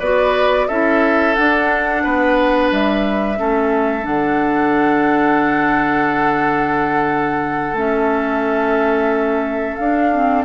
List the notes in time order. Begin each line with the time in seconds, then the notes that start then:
0.00 B3 F#4 B4 D5
0.68 C#4 E4 A4 E5
1.35 D4 F#5
2.04 B3 B4
2.72 G3 E5
3.37 A3 C#4 A4
4.02 D3 D4 F#5
7.73 A3 C#4 E5
9.76 D4 F5
10.13 C4